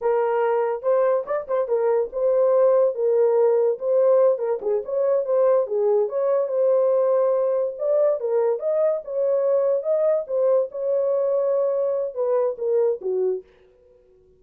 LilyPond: \new Staff \with { instrumentName = "horn" } { \time 4/4 \tempo 4 = 143 ais'2 c''4 d''8 c''8 | ais'4 c''2 ais'4~ | ais'4 c''4. ais'8 gis'8 cis''8~ | cis''8 c''4 gis'4 cis''4 c''8~ |
c''2~ c''8 d''4 ais'8~ | ais'8 dis''4 cis''2 dis''8~ | dis''8 c''4 cis''2~ cis''8~ | cis''4 b'4 ais'4 fis'4 | }